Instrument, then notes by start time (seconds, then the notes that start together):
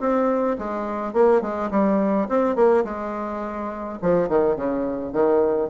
bassoon
0.00 C4
0.58 G#3
1.13 A#3
1.41 G#3
1.71 G3
2.29 C4
2.55 A#3
2.84 G#3
4.02 F3
4.29 D#3
4.56 C#3
5.13 D#3